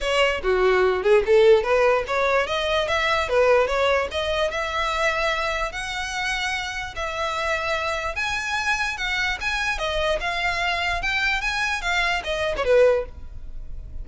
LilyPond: \new Staff \with { instrumentName = "violin" } { \time 4/4 \tempo 4 = 147 cis''4 fis'4. gis'8 a'4 | b'4 cis''4 dis''4 e''4 | b'4 cis''4 dis''4 e''4~ | e''2 fis''2~ |
fis''4 e''2. | gis''2 fis''4 gis''4 | dis''4 f''2 g''4 | gis''4 f''4 dis''8. cis''16 b'4 | }